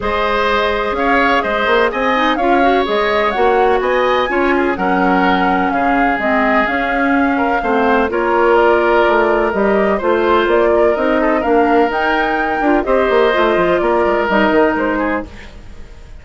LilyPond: <<
  \new Staff \with { instrumentName = "flute" } { \time 4/4 \tempo 4 = 126 dis''2 f''4 dis''4 | gis''4 f''4 dis''4 fis''4 | gis''2 fis''2 | f''4 dis''4 f''2~ |
f''4 cis''4 d''2 | dis''4 c''4 d''4 dis''4 | f''4 g''2 dis''4~ | dis''4 d''4 dis''4 c''4 | }
  \new Staff \with { instrumentName = "oboe" } { \time 4/4 c''2 cis''4 c''4 | dis''4 cis''2. | dis''4 cis''8 gis'8 ais'2 | gis'2.~ gis'8 ais'8 |
c''4 ais'2.~ | ais'4 c''4. ais'4 a'8 | ais'2. c''4~ | c''4 ais'2~ ais'8 gis'8 | }
  \new Staff \with { instrumentName = "clarinet" } { \time 4/4 gis'1~ | gis'8 dis'8 f'8 fis'8 gis'4 fis'4~ | fis'4 f'4 cis'2~ | cis'4 c'4 cis'2 |
c'4 f'2. | g'4 f'2 dis'4 | d'4 dis'4. f'8 g'4 | f'2 dis'2 | }
  \new Staff \with { instrumentName = "bassoon" } { \time 4/4 gis2 cis'4 gis8 ais8 | c'4 cis'4 gis4 ais4 | b4 cis'4 fis2 | cis4 gis4 cis'2 |
a4 ais2 a4 | g4 a4 ais4 c'4 | ais4 dis'4. d'8 c'8 ais8 | a8 f8 ais8 gis8 g8 dis8 gis4 | }
>>